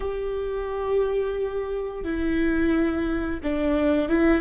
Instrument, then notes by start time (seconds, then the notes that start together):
viola
0.00 G4
2.03 E4
3.43 D4
4.08 E4